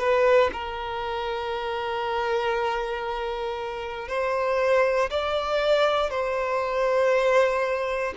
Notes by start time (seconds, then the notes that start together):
0.00 B4
0.53 A#4
4.09 C5
5.11 D5
6.11 C5